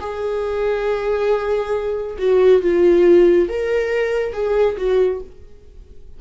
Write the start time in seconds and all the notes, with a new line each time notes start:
0.00 G#4
2.19 F#4
2.62 F4
3.49 A#4
4.33 G#4
4.77 F#4